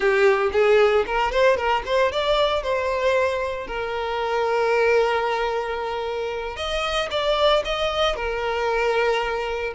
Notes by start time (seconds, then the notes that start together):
0.00 G4
0.52 G#4
1.06 A#4
1.31 C5
1.56 A#4
1.85 C5
2.11 D5
2.62 C5
3.67 A#4
6.56 D#5
7.10 D5
7.64 D#5
8.15 A#4